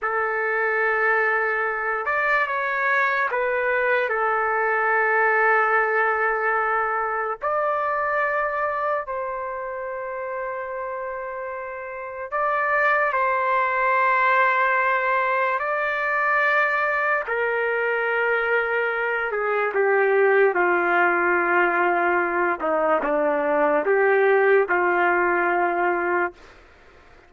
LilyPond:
\new Staff \with { instrumentName = "trumpet" } { \time 4/4 \tempo 4 = 73 a'2~ a'8 d''8 cis''4 | b'4 a'2.~ | a'4 d''2 c''4~ | c''2. d''4 |
c''2. d''4~ | d''4 ais'2~ ais'8 gis'8 | g'4 f'2~ f'8 dis'8 | d'4 g'4 f'2 | }